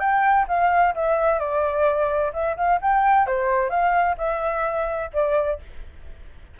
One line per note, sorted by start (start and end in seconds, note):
0.00 0.47 G5
0.48 0.95 F5
0.95 1.39 E5
1.39 2.32 D5
2.34 2.57 E5
2.57 2.81 F5
2.82 3.27 G5
3.27 3.70 C5
3.70 4.16 F5
4.18 5.11 E5
5.14 5.60 D5